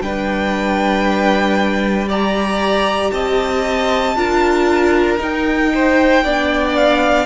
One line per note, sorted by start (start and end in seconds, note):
0.00 3.10 G3
0.00 2.09 D4
0.00 2.07 B4
0.00 2.08 G5
2.07 4.16 G4
2.07 3.11 D5
2.07 3.11 A#5
3.11 4.15 C4
3.11 4.17 D#5
3.11 5.17 A5
4.15 5.19 D4
4.15 5.18 F4
4.15 5.72 A#4
5.18 6.21 D#4
5.18 6.24 D#4
5.18 6.75 G5
5.74 6.23 C5
6.23 7.26 B3
6.23 7.26 D4
6.23 7.26 D5
6.75 7.26 F5